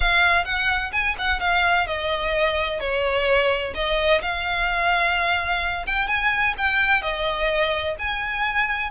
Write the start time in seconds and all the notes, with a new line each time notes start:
0.00 F5
0.44 F#5
0.92 G#5
1.18 F#5
1.40 F5
1.86 D#5
2.80 C#5
3.74 D#5
4.21 F5
5.86 G5
6.07 G#5
6.57 G5
7.02 D#5
7.98 G#5